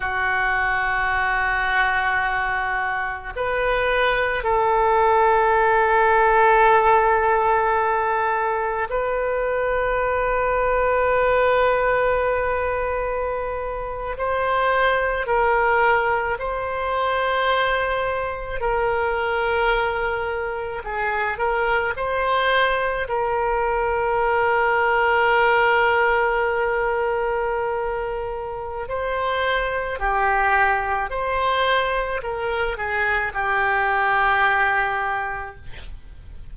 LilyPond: \new Staff \with { instrumentName = "oboe" } { \time 4/4 \tempo 4 = 54 fis'2. b'4 | a'1 | b'1~ | b'8. c''4 ais'4 c''4~ c''16~ |
c''8. ais'2 gis'8 ais'8 c''16~ | c''8. ais'2.~ ais'16~ | ais'2 c''4 g'4 | c''4 ais'8 gis'8 g'2 | }